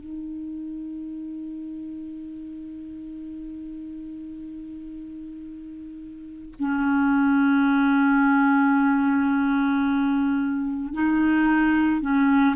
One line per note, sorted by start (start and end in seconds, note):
0.00 6.55 D#4
6.60 10.94 C#4
10.94 12.01 D#4
12.01 12.56 C#4